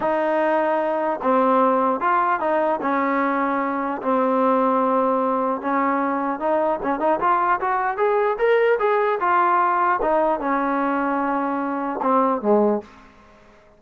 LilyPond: \new Staff \with { instrumentName = "trombone" } { \time 4/4 \tempo 4 = 150 dis'2. c'4~ | c'4 f'4 dis'4 cis'4~ | cis'2 c'2~ | c'2 cis'2 |
dis'4 cis'8 dis'8 f'4 fis'4 | gis'4 ais'4 gis'4 f'4~ | f'4 dis'4 cis'2~ | cis'2 c'4 gis4 | }